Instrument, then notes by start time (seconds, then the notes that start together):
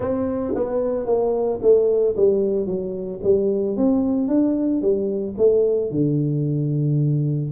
tuba
0.00 C4
0.54 B3
1.06 A#3
1.61 A3
2.16 G3
2.66 F#3
3.23 G3
3.76 C4
4.28 D4
4.81 G3
5.37 A3
5.91 D3